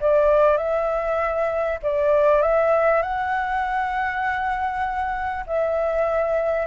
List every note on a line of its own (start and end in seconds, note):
0.00 0.57 D5
0.57 1.79 E5
1.83 2.42 D5
2.42 3.02 E5
3.02 5.44 F#5
5.47 6.66 E5